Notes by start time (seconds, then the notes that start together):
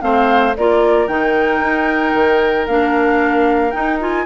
0.00 A3 C4 C5 F5
0.56 A#3 F4 A#4 D5
1.08 D#3 D#4 G5
1.60 D#4
2.14 D#3
2.67 A#3 D4 F5
3.71 D#4 G5
4.00 F4 G#5